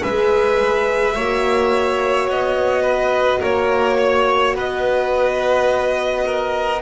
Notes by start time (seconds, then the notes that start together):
0.00 G#3 G#4 B4 E5
1.15 A#3 F#4 C#5
2.29 B3 D#5
2.83 B4
3.41 A#3 A#4 C#5
3.99 C#5
4.55 B3 B4 D#5
6.26 A#4